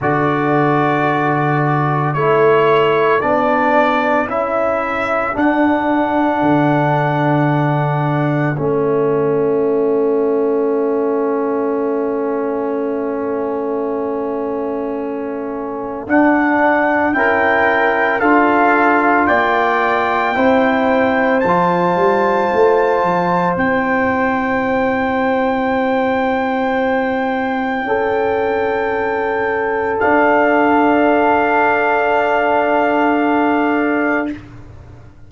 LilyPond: <<
  \new Staff \with { instrumentName = "trumpet" } { \time 4/4 \tempo 4 = 56 d''2 cis''4 d''4 | e''4 fis''2. | e''1~ | e''2. fis''4 |
g''4 f''4 g''2 | a''2 g''2~ | g''1 | f''1 | }
  \new Staff \with { instrumentName = "horn" } { \time 4/4 a'1~ | a'1~ | a'1~ | a'1 |
ais'4 a'4 d''4 c''4~ | c''1~ | c''2 a'2~ | a'1 | }
  \new Staff \with { instrumentName = "trombone" } { \time 4/4 fis'2 e'4 d'4 | e'4 d'2. | cis'1~ | cis'2. d'4 |
e'4 f'2 e'4 | f'2 e'2~ | e'1 | d'1 | }
  \new Staff \with { instrumentName = "tuba" } { \time 4/4 d2 a4 b4 | cis'4 d'4 d2 | a1~ | a2. d'4 |
cis'4 d'4 ais4 c'4 | f8 g8 a8 f8 c'2~ | c'2 cis'2 | d'1 | }
>>